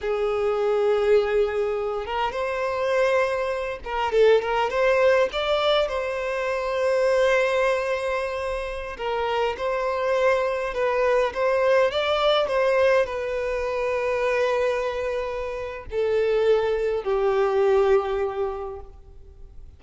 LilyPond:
\new Staff \with { instrumentName = "violin" } { \time 4/4 \tempo 4 = 102 gis'2.~ gis'8 ais'8 | c''2~ c''8 ais'8 a'8 ais'8 | c''4 d''4 c''2~ | c''2.~ c''16 ais'8.~ |
ais'16 c''2 b'4 c''8.~ | c''16 d''4 c''4 b'4.~ b'16~ | b'2. a'4~ | a'4 g'2. | }